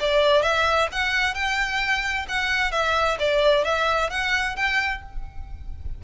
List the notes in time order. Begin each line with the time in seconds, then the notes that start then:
0.00 D5
0.42 E5
0.92 F#5
1.34 G5
2.28 F#5
2.72 E5
3.19 D5
3.65 E5
4.10 F#5
4.56 G5